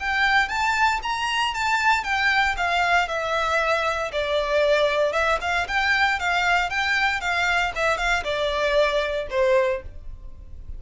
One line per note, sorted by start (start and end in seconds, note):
0.00 0.49 G5
0.49 1.01 A5
1.03 1.55 A#5
1.55 2.04 A5
2.04 2.56 G5
2.57 3.08 F5
3.08 4.12 E5
4.13 5.13 D5
5.13 5.39 E5
5.41 5.67 F5
5.68 6.20 G5
6.20 6.70 F5
6.70 7.21 G5
7.21 7.73 F5
7.76 7.98 E5
7.98 8.24 F5
8.24 9.28 D5
9.31 9.82 C5